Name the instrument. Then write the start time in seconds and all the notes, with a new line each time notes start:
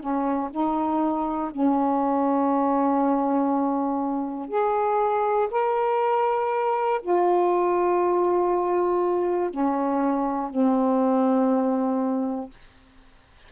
saxophone
0.00 C#4
0.51 D#4
1.51 C#4
4.49 G#4
5.51 A#4
7.02 F4
9.50 C#4
10.50 C4